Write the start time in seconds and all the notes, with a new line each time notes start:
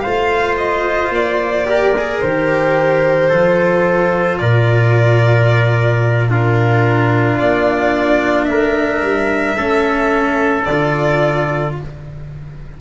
0.00 A3 F4 C5 F5
0.57 D#5
1.09 A#3 D5
1.65 G4 A#4
1.97 G#4
2.20 D#3 G4 C5
3.28 F3 F4 A4
4.38 A#2 A#4 D5
6.28 D4 F4 A#4
7.38 A#3 D5
8.44 A3 A#4 E5
9.01 G3
9.56 A3 C#4 A4
10.64 D3 D5
10.71 F4